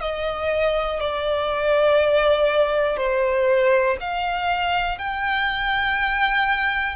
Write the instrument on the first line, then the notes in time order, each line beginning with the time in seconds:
violin
0.00 D#5
1.00 D5
2.97 C5
4.00 F5
4.98 G5